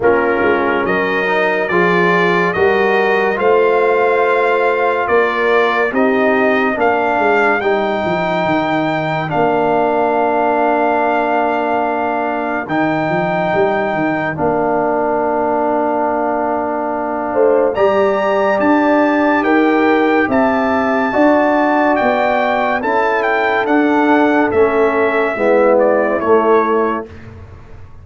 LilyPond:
<<
  \new Staff \with { instrumentName = "trumpet" } { \time 4/4 \tempo 4 = 71 ais'4 dis''4 d''4 dis''4 | f''2 d''4 dis''4 | f''4 g''2 f''4~ | f''2. g''4~ |
g''4 f''2.~ | f''4 ais''4 a''4 g''4 | a''2 g''4 a''8 g''8 | fis''4 e''4. d''8 cis''4 | }
  \new Staff \with { instrumentName = "horn" } { \time 4/4 f'4 ais'4 gis'4 ais'4 | c''2 ais'4 g'4 | ais'1~ | ais'1~ |
ais'1~ | ais'8 c''8 d''2 ais'4 | e''4 d''2 a'4~ | a'2 e'2 | }
  \new Staff \with { instrumentName = "trombone" } { \time 4/4 cis'4. dis'8 f'4 fis'4 | f'2. dis'4 | d'4 dis'2 d'4~ | d'2. dis'4~ |
dis'4 d'2.~ | d'4 g'2.~ | g'4 fis'2 e'4 | d'4 cis'4 b4 a4 | }
  \new Staff \with { instrumentName = "tuba" } { \time 4/4 ais8 gis8 fis4 f4 g4 | a2 ais4 c'4 | ais8 gis8 g8 f8 dis4 ais4~ | ais2. dis8 f8 |
g8 dis8 ais2.~ | ais8 a8 g4 d'4 dis'4 | c'4 d'4 b4 cis'4 | d'4 a4 gis4 a4 | }
>>